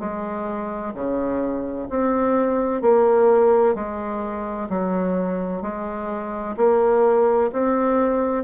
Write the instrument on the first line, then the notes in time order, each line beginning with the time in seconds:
bassoon
0.00 G#3
0.94 C#3
1.90 C4
2.82 A#3
3.75 G#3
4.69 F#3
5.62 G#3
6.57 A#3
7.53 C4